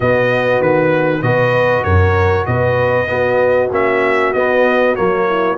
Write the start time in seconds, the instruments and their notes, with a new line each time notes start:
0.00 tuba B2, trombone B3, horn F#4, trumpet D#5
0.60 tuba D#3, trumpet B4
1.22 tuba B2, trombone F#4, horn B4, trumpet D#5
1.83 tuba F#2, horn A#4, trumpet C#5
2.46 tuba B2, horn B4, trumpet D#5
3.07 trombone B3, tuba B3, horn F#4
3.71 tuba A#3, trombone C#4, trumpet E5
4.33 tuba B3, trombone B3, trumpet D#5
4.95 tuba F#3, trombone A#3, trumpet C#5
5.27 horn E4